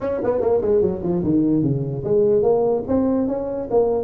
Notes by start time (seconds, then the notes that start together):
0.01 C#4
0.23 B3
0.41 A#3
0.61 G#3
0.81 F#3
1.02 F3
1.23 D#3
1.62 C#3
2.03 G#3
2.42 A#3
2.87 C4
3.27 C#4
3.70 A#3